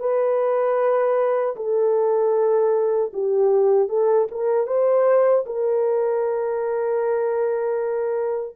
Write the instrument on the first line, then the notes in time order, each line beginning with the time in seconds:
horn
0.00 B4
1.56 A4
3.13 G4
3.89 A4
4.31 A#4
4.67 C5
5.46 A#4